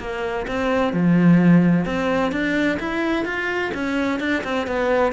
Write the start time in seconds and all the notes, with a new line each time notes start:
0.00 A#3
0.48 C4
0.93 F3
1.86 C4
2.32 D4
2.80 E4
3.25 F4
3.74 C#4
4.20 D4
4.44 C4
4.67 B3